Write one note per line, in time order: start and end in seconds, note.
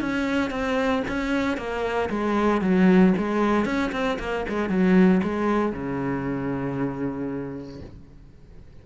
0.00 0.50 C#4
0.50 1.02 C4
1.08 1.57 C#4
1.57 2.09 A#3
2.09 2.61 G#3
2.61 3.13 F#3
3.17 3.65 G#3
3.65 3.91 C#4
3.92 4.18 C4
4.19 4.45 A#3
4.48 4.69 G#3
4.69 5.21 F#3
5.23 5.72 G#3
5.72 7.80 C#3